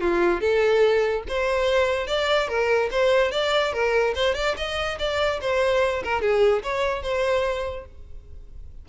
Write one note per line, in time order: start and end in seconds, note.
0.00 0.40 F4
0.40 1.23 A4
1.28 2.07 C5
2.07 2.48 D5
2.48 2.89 A#4
2.91 3.31 C5
3.31 3.72 D5
3.72 4.14 A#4
4.15 4.34 C5
4.34 4.55 D5
4.56 4.98 D#5
4.98 5.40 D5
5.41 6.03 C5
6.03 6.21 A#4
6.21 6.62 G#4
6.62 7.02 C#5
7.02 7.85 C5